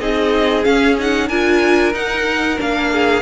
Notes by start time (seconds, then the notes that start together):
0.00 C4 D#4 G#4 D#5
0.64 C#4 F5
0.99 D#4 F#5
1.29 D4 F4 A#4 G#5
1.94 D#4 F#5
2.57 A#3 D4 F5
2.92 G#4